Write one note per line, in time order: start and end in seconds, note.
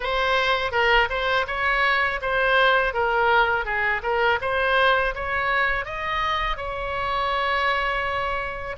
0.00 0.72 C5
0.72 1.08 A#4
1.09 1.46 C5
1.47 2.20 C#5
2.21 2.93 C5
2.93 3.65 A#4
3.65 4.01 G#4
4.02 4.39 A#4
4.41 5.14 C5
5.15 5.85 C#5
5.85 6.57 D#5
6.57 8.76 C#5